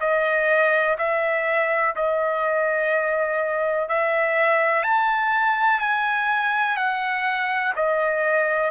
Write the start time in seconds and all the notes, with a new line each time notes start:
0.00 D#5
0.98 E5
1.96 D#5
3.89 E5
4.83 A5
5.80 G#5
6.77 F#5
7.76 D#5